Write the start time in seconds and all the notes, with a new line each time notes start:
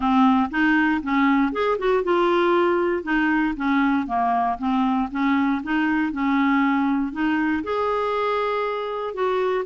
0.00 C4
0.50 D#4
1.03 C#4
1.52 G#4
1.78 F#4
2.03 F4
3.03 D#4
3.56 C#4
4.07 A#3
4.58 C4
5.11 C#4
5.63 D#4
6.12 C#4
7.12 D#4
7.63 G#4
9.14 F#4